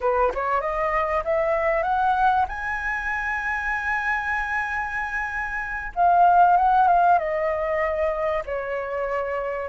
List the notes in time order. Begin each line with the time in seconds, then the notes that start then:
0.00 B4
0.34 C#5
0.61 D#5
1.24 E5
1.83 F#5
2.48 G#5
5.95 F5
6.56 F#5
6.87 F5
7.18 D#5
8.45 C#5